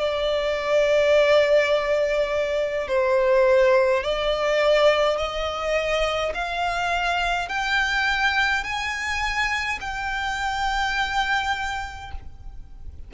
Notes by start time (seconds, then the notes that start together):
0.00 D5
2.88 C5
4.04 D5
5.18 D#5
6.35 F5
7.49 G5
8.64 G#5
9.81 G5